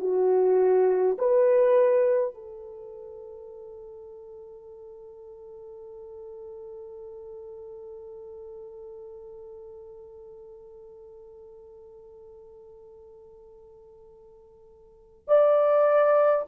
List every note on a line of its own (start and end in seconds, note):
0.00 1.18 F#4
1.19 2.34 B4
2.34 15.28 A4
15.28 16.45 D5